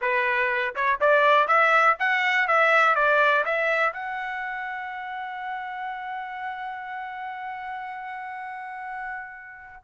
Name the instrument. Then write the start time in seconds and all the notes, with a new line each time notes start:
trumpet
0.01 B4
0.75 C#5
1.00 D5
1.47 E5
1.99 F#5
2.47 E5
2.95 D5
3.45 E5
3.93 F#5